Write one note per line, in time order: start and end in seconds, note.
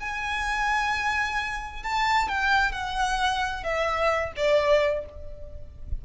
0.00 1.83 G#5
1.83 2.28 A5
2.28 2.72 G5
2.72 3.63 F#5
3.63 4.32 E5
4.36 5.05 D5